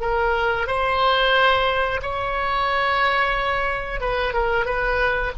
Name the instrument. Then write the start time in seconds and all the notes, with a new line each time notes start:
oboe
0.00 A#4
0.67 C5
2.02 C#5
4.00 B4
4.33 A#4
4.65 B4